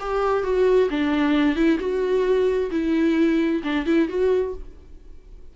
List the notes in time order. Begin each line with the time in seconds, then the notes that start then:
0.00 G4
0.44 F#4
0.90 D4
1.56 E4
1.80 F#4
2.71 E4
3.64 D4
3.86 E4
4.09 F#4